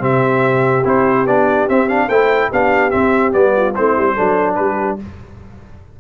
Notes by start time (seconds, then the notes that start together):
0.00 C3 C4 G4 E5
0.85 C4 E4 C5
1.27 B3 D4 D5
1.69 C4 E5
1.89 D4 F5
2.08 A3 E4 C5 G5
2.51 B3 D4 G4 F5
2.91 C4 E5
3.32 G3 B3 D5
3.56 F4
3.76 A3 C4 E4 C5
3.97 G3
4.14 F#3 D4 A4
4.55 G3 G4 B4